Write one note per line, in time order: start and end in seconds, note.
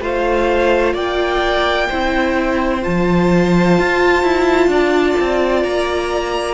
0.00 0.94 A3
0.00 1.88 F4
0.00 0.93 C5
0.00 0.95 F5
0.93 1.88 A#3
0.93 1.87 D5
0.93 2.83 G5
1.88 2.85 C4
1.88 2.82 E4
1.88 4.69 C5
2.82 3.78 F3
2.82 6.54 F4
2.82 5.63 A5
3.78 4.23 F4
4.23 4.67 E4
4.67 5.14 D4
4.67 6.54 D5
5.20 5.63 C4
5.63 6.54 A#3
5.63 6.54 A#5